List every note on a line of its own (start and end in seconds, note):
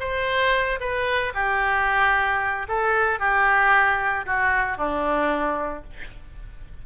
0.00 0.80 C5
0.80 1.33 B4
1.34 2.67 G4
2.68 3.19 A4
3.19 4.26 G4
4.26 4.77 F#4
4.77 5.84 D4